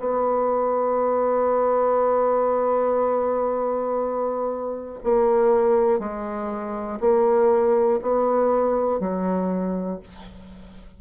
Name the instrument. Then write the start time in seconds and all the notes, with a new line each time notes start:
bassoon
0.00 B3
5.04 A#3
6.00 G#3
7.00 A#3
8.02 B3
9.00 F#3